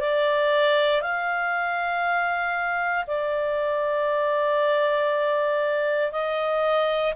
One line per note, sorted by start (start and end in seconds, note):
0.00 1.01 D5
1.01 3.05 F5
3.06 6.12 D5
6.12 7.13 D#5